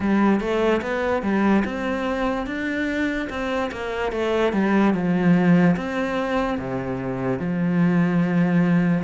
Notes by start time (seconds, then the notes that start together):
0.00 G3
0.40 A3
0.81 B3
1.22 G3
1.64 C4
2.46 D4
3.29 C4
3.71 A#3
4.12 A3
4.52 G3
4.94 F3
5.76 C4
6.58 C3
7.39 F3